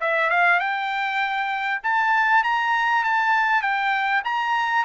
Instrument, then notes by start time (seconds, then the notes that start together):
trumpet
0.00 E5
0.29 F5
0.59 G5
1.83 A5
2.43 A#5
3.04 A5
3.61 G5
4.24 A#5